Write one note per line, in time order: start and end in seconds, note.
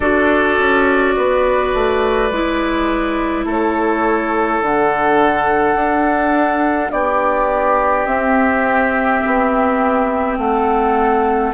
0.00 0.58 D4
0.00 2.32 F#4
0.00 1.15 A4
0.00 3.45 D5
0.58 1.16 C#4
1.16 1.74 B3
1.16 3.45 B4
1.74 2.30 A3
2.30 3.45 G#3
2.30 4.63 E4
3.45 4.60 A3
3.45 6.91 A4
3.45 4.62 C#5
4.61 5.75 D3
4.61 8.07 D4
4.61 6.90 F#5
5.75 6.90 D4
6.90 8.06 B3
6.90 10.38 G4
6.90 8.06 D5
8.06 9.21 C4
8.06 11.53 C4
8.06 10.36 E5
9.26 10.37 B3
10.37 11.52 A3
10.37 11.53 A4
10.37 11.53 F#5